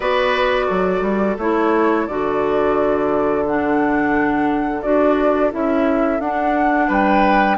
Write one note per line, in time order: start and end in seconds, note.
0.00 0.68 B3
0.00 1.38 F#4
0.00 0.66 B4
0.00 1.37 D5
0.66 1.01 F#3
0.66 6.86 A4
1.01 1.35 G3
1.38 2.07 A3
1.38 2.08 E4
1.38 2.07 C#5
2.07 4.83 D3
2.07 3.46 F#4
2.07 3.45 D5
3.45 4.82 D4
3.45 4.82 F#5
4.82 5.53 D4
4.82 5.50 F#4
4.82 5.51 D5
5.50 6.19 C#4
5.50 6.19 E4
5.50 6.20 E5
6.19 6.88 D4
6.19 7.58 D4
6.19 6.89 F#5
6.87 7.58 G3
6.87 7.56 B4
6.87 7.58 G5